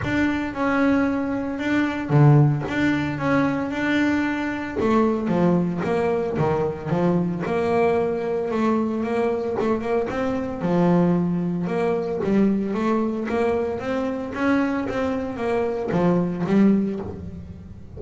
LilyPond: \new Staff \with { instrumentName = "double bass" } { \time 4/4 \tempo 4 = 113 d'4 cis'2 d'4 | d4 d'4 cis'4 d'4~ | d'4 a4 f4 ais4 | dis4 f4 ais2 |
a4 ais4 a8 ais8 c'4 | f2 ais4 g4 | a4 ais4 c'4 cis'4 | c'4 ais4 f4 g4 | }